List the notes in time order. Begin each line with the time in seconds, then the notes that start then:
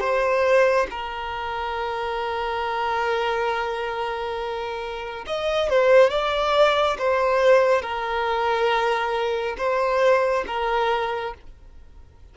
0.00 C5
0.90 A#4
5.26 D#5
5.69 C5
6.10 D5
6.98 C5
7.82 A#4
9.57 C5
10.47 A#4